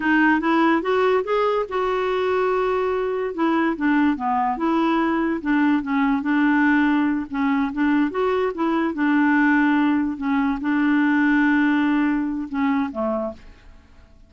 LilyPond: \new Staff \with { instrumentName = "clarinet" } { \time 4/4 \tempo 4 = 144 dis'4 e'4 fis'4 gis'4 | fis'1 | e'4 d'4 b4 e'4~ | e'4 d'4 cis'4 d'4~ |
d'4. cis'4 d'4 fis'8~ | fis'8 e'4 d'2~ d'8~ | d'8 cis'4 d'2~ d'8~ | d'2 cis'4 a4 | }